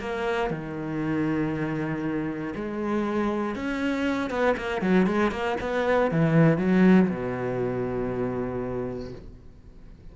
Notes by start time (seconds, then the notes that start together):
0.00 A#3
0.51 D#3
2.56 G#3
3.55 C#4
4.30 B3
4.57 A#3
4.82 F#3
5.07 G#3
5.32 A#3
5.61 B3
6.11 E3
6.58 F#3
7.09 B2